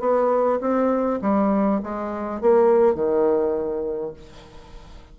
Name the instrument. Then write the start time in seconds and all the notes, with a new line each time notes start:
bassoon
0.00 B3
0.60 C4
1.22 G3
1.83 G#3
2.41 A#3
2.95 D#3